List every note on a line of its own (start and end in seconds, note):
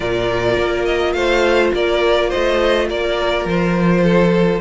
0.00 0.56 A#2
0.00 4.60 F4
0.00 1.14 A#4
0.00 0.85 D5
0.56 1.14 A#3
0.85 1.12 D#5
1.12 1.72 A3
1.12 1.73 C5
1.12 1.70 F5
1.73 2.31 A#3
1.73 2.29 A#4
1.73 2.30 D5
2.29 2.86 C5
2.29 2.88 D#5
2.35 2.89 A3
2.89 3.45 A#3
2.89 4.03 A#4
2.89 3.47 D5
3.45 4.60 F3
3.45 4.60 C5
4.03 4.60 A4